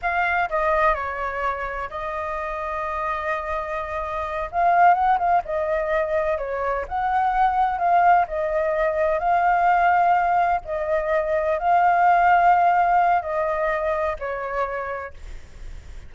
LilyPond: \new Staff \with { instrumentName = "flute" } { \time 4/4 \tempo 4 = 127 f''4 dis''4 cis''2 | dis''1~ | dis''4. f''4 fis''8 f''8 dis''8~ | dis''4. cis''4 fis''4.~ |
fis''8 f''4 dis''2 f''8~ | f''2~ f''8 dis''4.~ | dis''8 f''2.~ f''8 | dis''2 cis''2 | }